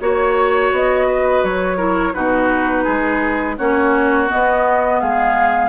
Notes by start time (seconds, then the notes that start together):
0.00 A#3 F#4 C#5
0.71 B3 D#5
1.06 B4
1.43 F#3 C#5
1.76 E4 A#4
2.14 B2 D#4 F#4 B4
2.84 G#3 G#4
3.57 A#3 C#4 F#4 C#5
4.28 B3 D#5
5.00 G#3 G#4 F5